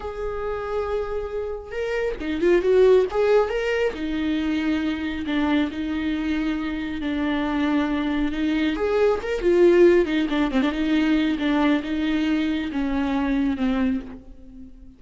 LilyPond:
\new Staff \with { instrumentName = "viola" } { \time 4/4 \tempo 4 = 137 gis'1 | ais'4 dis'8 f'8 fis'4 gis'4 | ais'4 dis'2. | d'4 dis'2. |
d'2. dis'4 | gis'4 ais'8 f'4. dis'8 d'8 | c'16 d'16 dis'4. d'4 dis'4~ | dis'4 cis'2 c'4 | }